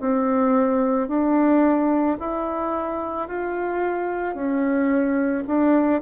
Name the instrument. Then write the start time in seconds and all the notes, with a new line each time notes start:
bassoon
0.00 C4
1.08 D4
2.19 E4
3.28 F4
4.34 C#4
5.47 D4